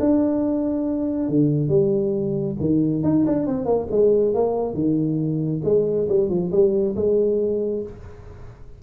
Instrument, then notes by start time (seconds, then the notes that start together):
tuba
0.00 D4
1.29 D3
1.69 G3
2.61 D#3
3.04 D#4
3.26 D4
3.47 C4
3.66 A#3
3.91 G#3
4.35 A#3
4.75 D#3
5.65 G#3
6.09 G3
6.30 F3
6.52 G3
6.96 G#3